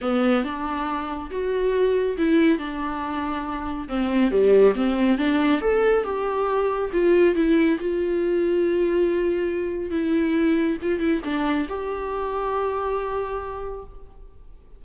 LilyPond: \new Staff \with { instrumentName = "viola" } { \time 4/4 \tempo 4 = 139 b4 d'2 fis'4~ | fis'4 e'4 d'2~ | d'4 c'4 g4 c'4 | d'4 a'4 g'2 |
f'4 e'4 f'2~ | f'2. e'4~ | e'4 f'8 e'8 d'4 g'4~ | g'1 | }